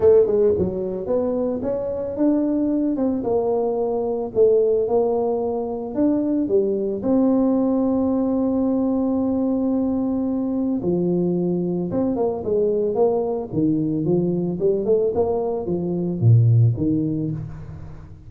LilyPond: \new Staff \with { instrumentName = "tuba" } { \time 4/4 \tempo 4 = 111 a8 gis8 fis4 b4 cis'4 | d'4. c'8 ais2 | a4 ais2 d'4 | g4 c'2.~ |
c'1 | f2 c'8 ais8 gis4 | ais4 dis4 f4 g8 a8 | ais4 f4 ais,4 dis4 | }